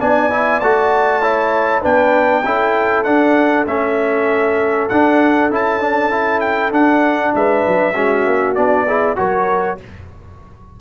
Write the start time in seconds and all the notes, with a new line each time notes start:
0.00 B3 D4 D5 G#5
0.31 E4
0.60 A3 F#4 A5
1.22 E4 C#5
1.82 B3 D4 B4 G5
2.45 C#4 E4 A4
3.04 D4 F#5
3.67 A3 C#4 E5
4.89 D4 F#5
5.51 C#4 E4 A5
5.81 D4
6.11 E4
6.41 G5
6.72 D4 F#5
7.35 G#3 B4 E5
7.68 F#3
7.95 G#3 C#4 F#4
8.27 A#3
8.55 B3 D4 D5
8.87 E4 G#4
9.16 F#3 F#4 A#4 C#5